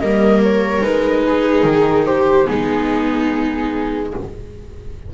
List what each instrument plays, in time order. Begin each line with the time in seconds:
0.00 double bass G3, viola A#3 A#4, flute D#5
0.43 flute C#5
0.82 double bass G#3, viola D#4, flute B4
1.27 viola G#4
1.64 double bass D#3, flute A#4
2.06 viola G4, flute C5
2.45 double bass G#3, viola B3 D#4, flute G#4